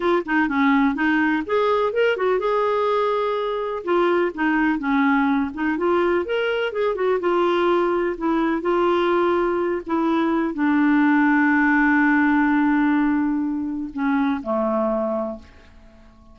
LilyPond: \new Staff \with { instrumentName = "clarinet" } { \time 4/4 \tempo 4 = 125 f'8 dis'8 cis'4 dis'4 gis'4 | ais'8 fis'8 gis'2. | f'4 dis'4 cis'4. dis'8 | f'4 ais'4 gis'8 fis'8 f'4~ |
f'4 e'4 f'2~ | f'8 e'4. d'2~ | d'1~ | d'4 cis'4 a2 | }